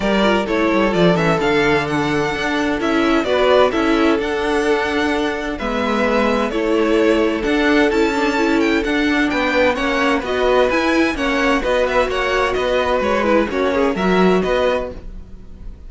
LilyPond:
<<
  \new Staff \with { instrumentName = "violin" } { \time 4/4 \tempo 4 = 129 d''4 cis''4 d''8 e''8 f''4 | fis''2 e''4 d''4 | e''4 fis''2. | e''2 cis''2 |
fis''4 a''4. g''8 fis''4 | g''4 fis''4 dis''4 gis''4 | fis''4 dis''8 e''8 fis''4 dis''4 | cis''8 b'8 cis''4 e''4 dis''4 | }
  \new Staff \with { instrumentName = "violin" } { \time 4/4 ais'4 a'2.~ | a'2. b'4 | a'1 | b'2 a'2~ |
a'1 | b'4 cis''4 b'2 | cis''4 b'4 cis''4 b'4~ | b'4 fis'8 gis'8 ais'4 b'4 | }
  \new Staff \with { instrumentName = "viola" } { \time 4/4 g'8 f'8 e'4 f'8 cis'8 d'4~ | d'2 e'4 fis'4 | e'4 d'2. | b2 e'2 |
d'4 e'8 d'8 e'4 d'4~ | d'4 cis'4 fis'4 e'4 | cis'4 fis'2.~ | fis'8 e'8 cis'4 fis'2 | }
  \new Staff \with { instrumentName = "cello" } { \time 4/4 g4 a8 g8 f8 e8 d4~ | d4 d'4 cis'4 b4 | cis'4 d'2. | gis2 a2 |
d'4 cis'2 d'4 | b4 ais4 b4 e'4 | ais4 b4 ais4 b4 | gis4 ais4 fis4 b4 | }
>>